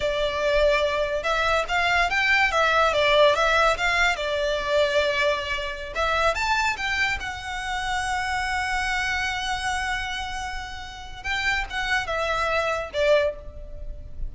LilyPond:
\new Staff \with { instrumentName = "violin" } { \time 4/4 \tempo 4 = 144 d''2. e''4 | f''4 g''4 e''4 d''4 | e''4 f''4 d''2~ | d''2~ d''16 e''4 a''8.~ |
a''16 g''4 fis''2~ fis''8.~ | fis''1~ | fis''2. g''4 | fis''4 e''2 d''4 | }